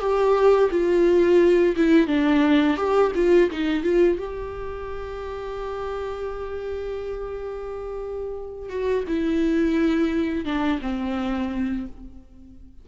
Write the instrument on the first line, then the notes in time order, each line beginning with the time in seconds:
viola
0.00 G4
0.71 F4
1.76 E4
2.07 D4
2.77 G4
3.15 F4
3.51 D#4
3.83 F4
4.18 G4
8.70 F#4
9.08 E4
10.45 D4
10.82 C4